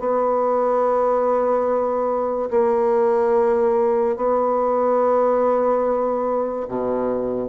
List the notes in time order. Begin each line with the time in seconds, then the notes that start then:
0.00 B3
2.51 A#3
4.17 B3
6.69 B2